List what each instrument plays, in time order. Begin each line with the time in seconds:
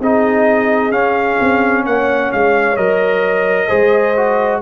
0.00 tuba C4, trombone D#4, horn G#4, trumpet D#5
0.92 tuba C#4, trombone C#4, trumpet F5
1.41 tuba C4
1.86 tuba A#3, horn C#5, trumpet F#5
2.32 tuba G#3, trumpet F5
2.77 tuba F#3, trombone A#4, trumpet D#5
3.68 tuba G#3, trombone G#4, horn C5
4.17 trombone F#4